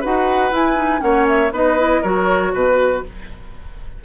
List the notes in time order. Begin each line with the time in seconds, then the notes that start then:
0.00 D#4 F#4 B4 F#5
0.51 E4 G#5
0.75 D#4
0.99 A#3 C#4 C#5 F#5
1.27 E5
1.51 B3 D#4 B4 D#5
1.78 E4
2.01 F#3 F#4 A#4 C#5
2.53 B2 B4